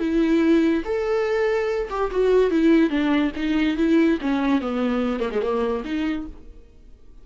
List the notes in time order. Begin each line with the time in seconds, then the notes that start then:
0.00 E4
0.85 A4
1.90 G4
2.12 F#4
2.51 E4
2.90 D4
3.36 D#4
3.77 E4
4.21 C#4
4.62 B3
5.20 A#3
5.32 G#3
5.42 A#3
5.85 D#4